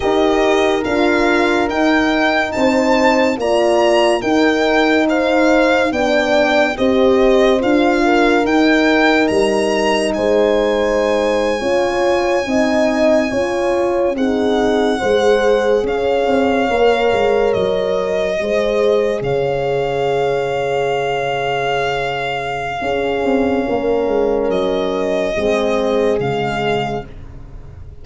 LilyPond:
<<
  \new Staff \with { instrumentName = "violin" } { \time 4/4 \tempo 4 = 71 dis''4 f''4 g''4 a''4 | ais''4 g''4 f''4 g''4 | dis''4 f''4 g''4 ais''4 | gis''1~ |
gis''8. fis''2 f''4~ f''16~ | f''8. dis''2 f''4~ f''16~ | f''1~ | f''4 dis''2 f''4 | }
  \new Staff \with { instrumentName = "horn" } { \time 4/4 ais'2. c''4 | d''4 ais'4 c''4 d''4 | c''4. ais'2~ ais'8 | c''4.~ c''16 cis''4 dis''4 cis''16~ |
cis''8. gis'4 c''4 cis''4~ cis''16~ | cis''4.~ cis''16 c''4 cis''4~ cis''16~ | cis''2. gis'4 | ais'2 gis'2 | }
  \new Staff \with { instrumentName = "horn" } { \time 4/4 g'4 f'4 dis'2 | f'4 dis'2 d'4 | g'4 f'4 dis'2~ | dis'4.~ dis'16 f'4 dis'4 f'16~ |
f'8. dis'4 gis'2 ais'16~ | ais'4.~ ais'16 gis'2~ gis'16~ | gis'2. cis'4~ | cis'2 c'4 gis4 | }
  \new Staff \with { instrumentName = "tuba" } { \time 4/4 dis'4 d'4 dis'4 c'4 | ais4 dis'2 b4 | c'4 d'4 dis'4 g4 | gis4.~ gis16 cis'4 c'4 cis'16~ |
cis'8. c'4 gis4 cis'8 c'8 ais16~ | ais16 gis8 fis4 gis4 cis4~ cis16~ | cis2. cis'8 c'8 | ais8 gis8 fis4 gis4 cis4 | }
>>